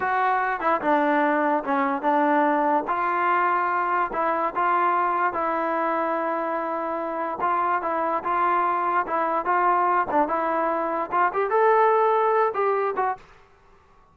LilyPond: \new Staff \with { instrumentName = "trombone" } { \time 4/4 \tempo 4 = 146 fis'4. e'8 d'2 | cis'4 d'2 f'4~ | f'2 e'4 f'4~ | f'4 e'2.~ |
e'2 f'4 e'4 | f'2 e'4 f'4~ | f'8 d'8 e'2 f'8 g'8 | a'2~ a'8 g'4 fis'8 | }